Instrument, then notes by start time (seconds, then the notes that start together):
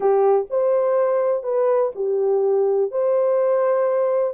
horn
0.00 G4
0.49 C5
1.43 B4
1.95 G4
2.91 C5